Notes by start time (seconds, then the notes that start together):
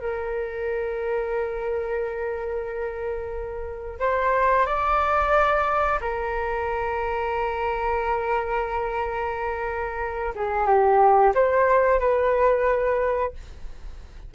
0.00 A#4
4.00 C5
4.67 D5
6.01 A#4
10.36 G#4
10.67 G4
11.35 C5
12.00 B4